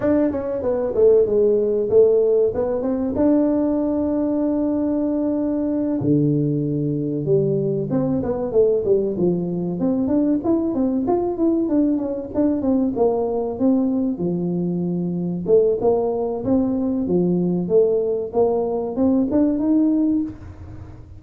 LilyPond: \new Staff \with { instrumentName = "tuba" } { \time 4/4 \tempo 4 = 95 d'8 cis'8 b8 a8 gis4 a4 | b8 c'8 d'2.~ | d'4. d2 g8~ | g8 c'8 b8 a8 g8 f4 c'8 |
d'8 e'8 c'8 f'8 e'8 d'8 cis'8 d'8 | c'8 ais4 c'4 f4.~ | f8 a8 ais4 c'4 f4 | a4 ais4 c'8 d'8 dis'4 | }